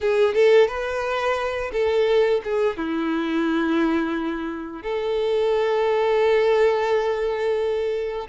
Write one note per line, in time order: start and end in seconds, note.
0.00 0.34 G#4
0.34 0.67 A4
0.67 1.71 B4
1.72 2.41 A4
2.44 2.76 G#4
2.76 4.82 E4
4.82 8.27 A4